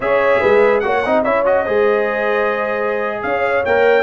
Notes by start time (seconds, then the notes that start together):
0.00 C#4 G#4 C#5 E5
0.39 G#3 B4
0.80 A#3 F#4 C#5 F#5
1.05 C4 D#4 D#5
1.23 C#4 E4 C#5 E5
1.45 F#4 D#5
1.63 G#3 G#4 C5
3.22 C#4 C#5 F5
3.65 A#3 A#4 G5